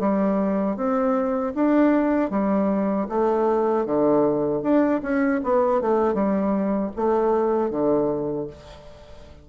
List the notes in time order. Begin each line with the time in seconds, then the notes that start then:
0.00 G3
0.77 C4
1.55 D4
2.31 G3
3.09 A3
3.86 D3
4.63 D4
5.02 C#4
5.44 B3
5.81 A3
6.14 G3
6.97 A3
7.71 D3